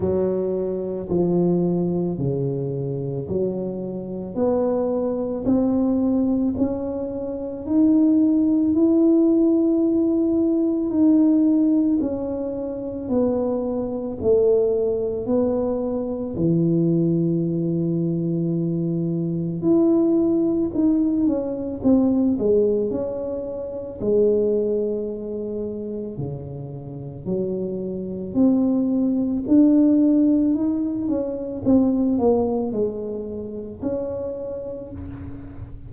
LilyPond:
\new Staff \with { instrumentName = "tuba" } { \time 4/4 \tempo 4 = 55 fis4 f4 cis4 fis4 | b4 c'4 cis'4 dis'4 | e'2 dis'4 cis'4 | b4 a4 b4 e4~ |
e2 e'4 dis'8 cis'8 | c'8 gis8 cis'4 gis2 | cis4 fis4 c'4 d'4 | dis'8 cis'8 c'8 ais8 gis4 cis'4 | }